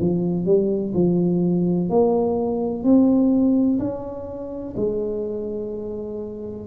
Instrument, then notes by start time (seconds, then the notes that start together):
tuba
0.00 F3
0.45 G3
0.94 F3
1.89 A#3
2.84 C4
3.79 C#4
4.77 G#3